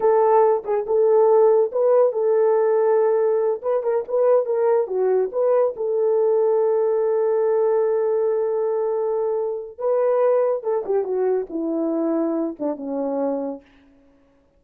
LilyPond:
\new Staff \with { instrumentName = "horn" } { \time 4/4 \tempo 4 = 141 a'4. gis'8 a'2 | b'4 a'2.~ | a'8 b'8 ais'8 b'4 ais'4 fis'8~ | fis'8 b'4 a'2~ a'8~ |
a'1~ | a'2. b'4~ | b'4 a'8 g'8 fis'4 e'4~ | e'4. d'8 cis'2 | }